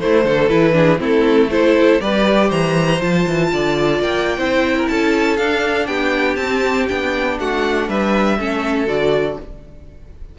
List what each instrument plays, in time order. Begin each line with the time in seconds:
0.00 viola A3, cello A3, violin E4 C5
0.25 cello D3, violin A4
0.49 cello E3, viola E4, violin B4
0.73 viola D4, violin G#4
0.98 cello A3, viola C4, violin E4 A4
1.51 viola E4, violin A4 C5
2.00 cello G3, viola G4, violin B4 D5
2.49 cello E3, violin C5 A#5
3.01 cello F3, viola F4, violin A5
3.27 cello E3
3.53 cello D3, violin D5
4.00 cello A#3, violin G5
4.38 cello C4, viola E4, violin C5
4.78 violin A#4
4.89 cello C#4, violin A4 A5
5.37 cello D4, viola D4, violin F5
5.87 cello B3, violin G4 G5
6.36 cello C4, violin A5
6.43 viola C4
6.88 cello B3, viola D4, violin G5
7.40 cello A3, violin F#4 F#5
7.89 cello G3, violin B4 E5
8.39 cello A3, viola C#4, violin A4
8.87 cello D3, viola F#4, violin D5